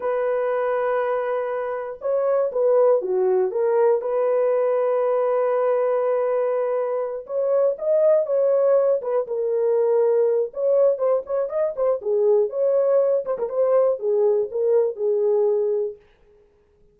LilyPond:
\new Staff \with { instrumentName = "horn" } { \time 4/4 \tempo 4 = 120 b'1 | cis''4 b'4 fis'4 ais'4 | b'1~ | b'2~ b'8 cis''4 dis''8~ |
dis''8 cis''4. b'8 ais'4.~ | ais'4 cis''4 c''8 cis''8 dis''8 c''8 | gis'4 cis''4. c''16 ais'16 c''4 | gis'4 ais'4 gis'2 | }